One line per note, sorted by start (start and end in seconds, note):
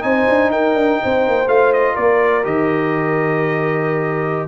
0.00 0.27 C4
0.00 1.45 D#4
0.00 0.52 C5
0.00 0.51 G#5
0.29 0.50 D4
0.50 0.74 D#4
0.50 1.00 A#4
0.50 1.48 G5
0.74 0.98 D4
1.03 1.27 C4
1.03 1.94 C5
1.27 1.47 A#3
1.47 1.96 A3
1.47 2.43 F4
1.47 1.72 F5
1.73 1.96 D#5
1.94 2.45 A#3
1.94 4.47 A#4
1.94 2.44 D5
2.43 4.47 D#3
2.43 4.47 G4
2.43 4.47 D#5